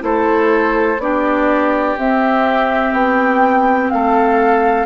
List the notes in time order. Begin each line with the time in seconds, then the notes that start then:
0.00 A3 E4 A4 C5
0.98 B3 D4 G4 D5
1.97 C4 E5
2.93 B3 G5
3.90 A3 A4 F5